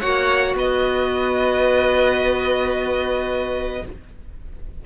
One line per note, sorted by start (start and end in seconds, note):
0.00 0.55 A#3
0.00 3.83 F#4
0.00 0.55 C#5
0.00 0.55 F#5
0.55 3.82 B3
0.55 3.85 B4
0.55 3.85 D#5